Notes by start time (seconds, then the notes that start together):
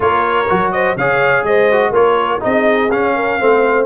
0.00 A#3 F4 A#4 C#5
0.48 F#3 F#4
0.71 C5 D#5
0.96 C#3 G#4 C#5 F5
1.43 G#3 C5 D#5
1.71 F#4
1.90 A#3 F4 A#4 C#5
2.40 C4 D#4 G#4 D#5
2.91 C#4 F5
3.15 A#4
3.38 A3 C4 C5